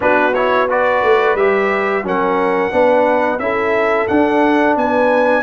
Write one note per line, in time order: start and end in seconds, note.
0.00 1.02 B3
0.00 0.32 D4
0.00 0.68 F#4
0.00 0.34 B4
0.34 0.68 E4
0.34 0.68 C#5
0.68 1.37 F#4
0.68 2.05 B4
0.68 1.36 D5
1.02 1.35 A3
1.35 2.03 G3
1.35 2.03 G4
1.35 2.04 E5
2.03 2.71 F#3
2.03 2.71 C#4
2.03 2.72 A#4
2.03 3.39 F#5
2.71 3.38 B3
2.71 3.39 D4
2.71 3.41 B4
3.38 4.07 C#4
3.38 4.08 E4
3.38 4.79 A4
3.38 4.07 E5
4.07 5.42 D4
4.07 4.76 D4
4.07 4.75 F#5
4.76 5.42 B3
4.76 5.42 B4
4.76 5.42 G#5